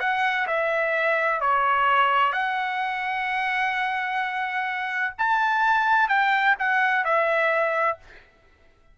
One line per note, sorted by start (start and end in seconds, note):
0.00 0.47 F#5
0.48 1.41 E5
1.41 2.33 C#5
2.33 5.14 F#5
5.19 6.09 A5
6.09 6.56 G5
6.59 7.05 F#5
7.05 7.99 E5